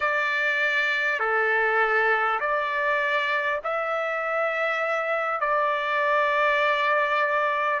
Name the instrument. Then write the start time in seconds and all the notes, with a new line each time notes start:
trumpet
0.00 D5
1.19 A4
2.40 D5
3.63 E5
5.40 D5